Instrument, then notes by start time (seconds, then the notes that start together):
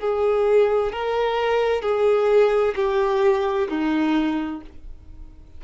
violin
0.00 G#4
0.92 A#4
1.82 G#4
2.76 G4
3.69 D#4